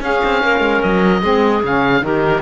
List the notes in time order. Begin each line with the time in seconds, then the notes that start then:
0.00 C#4 G#4 F5
0.24 C4
0.42 A#3 A#4
0.59 G#3
0.82 F#3 D#5
1.22 G#3 C4 G#4
1.63 C#3 C#4 F5
2.01 D#3 D#4 G4 A#4